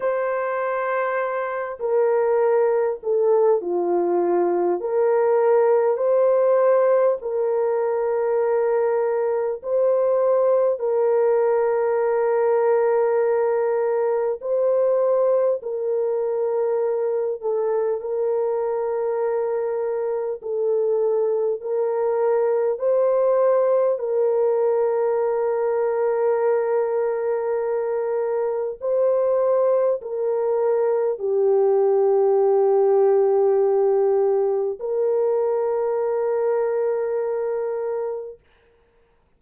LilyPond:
\new Staff \with { instrumentName = "horn" } { \time 4/4 \tempo 4 = 50 c''4. ais'4 a'8 f'4 | ais'4 c''4 ais'2 | c''4 ais'2. | c''4 ais'4. a'8 ais'4~ |
ais'4 a'4 ais'4 c''4 | ais'1 | c''4 ais'4 g'2~ | g'4 ais'2. | }